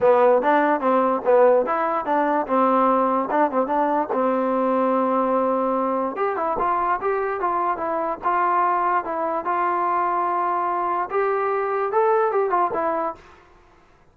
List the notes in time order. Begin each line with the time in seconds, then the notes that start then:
0.01 B3
0.42 D4
0.80 C4
1.24 B3
1.66 E4
2.05 D4
2.46 C4
3.30 D4
3.51 C4
3.66 D4
4.12 C4
6.16 G4
6.36 E4
6.58 F4
7.01 G4
7.40 F4
7.77 E4
8.24 F4
9.04 E4
9.44 F4
11.10 G4
11.92 A4
12.31 G4
12.50 F4
12.73 E4